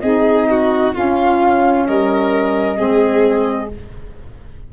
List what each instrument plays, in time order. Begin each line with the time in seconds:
0.00 tuba C4, saxophone D#4, violin G#4, flute D#5
0.50 violin F#4
0.94 saxophone C#4, tuba C#4, violin F4, flute F5
1.87 tuba G3, violin A#4, flute D#5
2.76 tuba G#3, saxophone C4, violin G#4